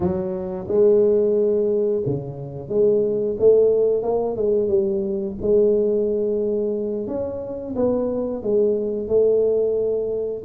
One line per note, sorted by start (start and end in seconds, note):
0.00 0.66 F#3
0.68 2.03 G#3
2.06 2.68 C#3
2.68 3.36 G#3
3.39 4.03 A3
4.03 4.36 A#3
4.36 4.68 G#3
4.68 5.35 G3
5.41 7.07 G#3
7.07 7.74 C#4
7.75 8.42 B3
8.42 9.08 G#3
9.08 10.42 A3